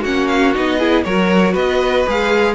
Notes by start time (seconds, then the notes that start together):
0.00 A#3 C#4 F#4 F#5
0.27 F5
0.54 B3 D#4 D#5
0.78 E4 G#4
1.03 F#3 F#4 A#4 C#5
1.52 B3 B4 D#5
2.06 G#3 G#4 F5